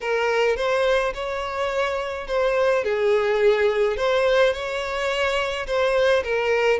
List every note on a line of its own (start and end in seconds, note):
0.00 0.56 A#4
0.56 1.13 C5
1.13 2.27 C#5
2.27 2.84 C5
2.84 3.96 G#4
3.96 4.53 C5
4.53 5.66 C#5
5.66 6.23 C5
6.24 6.79 A#4